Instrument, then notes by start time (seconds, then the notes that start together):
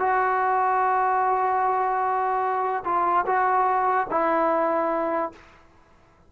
trombone
0.00 F#4
2.85 F4
3.27 F#4
4.11 E4